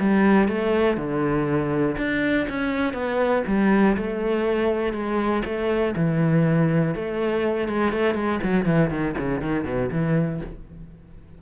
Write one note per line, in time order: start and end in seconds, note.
0.00 0.49 G3
0.49 0.97 A3
0.97 1.97 D3
1.98 2.47 D4
2.49 2.93 C#4
2.93 3.43 B3
3.47 3.97 G3
3.97 4.93 A3
4.93 5.43 G#3
5.45 5.95 A3
5.96 6.95 E3
6.95 7.69 A3
7.69 7.92 G#3
7.92 8.15 A3
8.15 8.40 G#3
8.43 8.66 F#3
8.66 8.91 E3
8.91 9.15 D#3
9.18 9.41 C#3
9.41 9.65 D#3
9.65 9.90 B2
9.92 10.41 E3